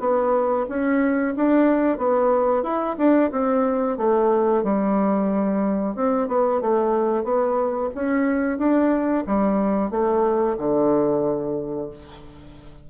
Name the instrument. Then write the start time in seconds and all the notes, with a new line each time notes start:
bassoon
0.00 B3
0.69 C#4
1.36 D4
1.98 B3
2.63 E4
2.98 D4
3.32 C4
3.98 A3
4.64 G3
5.96 C4
6.28 B3
6.61 A3
7.24 B3
7.95 C#4
8.58 D4
9.27 G3
9.91 A3
10.58 D3